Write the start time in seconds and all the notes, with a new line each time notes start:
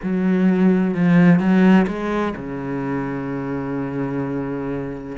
0.02 F#3
0.94 F3
1.39 F#3
1.87 G#3
2.36 C#3